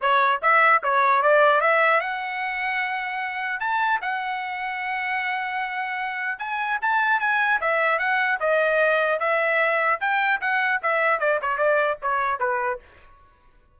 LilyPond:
\new Staff \with { instrumentName = "trumpet" } { \time 4/4 \tempo 4 = 150 cis''4 e''4 cis''4 d''4 | e''4 fis''2.~ | fis''4 a''4 fis''2~ | fis''1 |
gis''4 a''4 gis''4 e''4 | fis''4 dis''2 e''4~ | e''4 g''4 fis''4 e''4 | d''8 cis''8 d''4 cis''4 b'4 | }